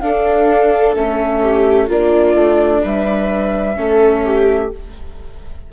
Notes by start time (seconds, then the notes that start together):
0.00 D4 A4 F5
0.94 A3 C#4 E5
1.42 G4
1.87 A#3 D4 F4 D5
2.34 A3
2.82 G3 B4 E5
3.75 A3 C#4 A4
4.25 G4